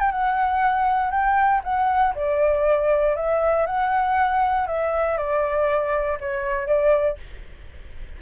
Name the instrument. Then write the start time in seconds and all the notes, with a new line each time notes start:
flute
0.00 G5
0.11 F#5
1.11 G5
1.64 F#5
2.15 D5
3.16 E5
3.66 F#5
4.67 E5
5.17 D5
6.20 C#5
6.67 D5